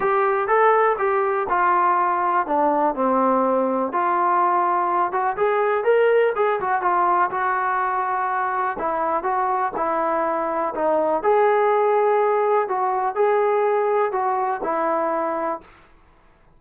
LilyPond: \new Staff \with { instrumentName = "trombone" } { \time 4/4 \tempo 4 = 123 g'4 a'4 g'4 f'4~ | f'4 d'4 c'2 | f'2~ f'8 fis'8 gis'4 | ais'4 gis'8 fis'8 f'4 fis'4~ |
fis'2 e'4 fis'4 | e'2 dis'4 gis'4~ | gis'2 fis'4 gis'4~ | gis'4 fis'4 e'2 | }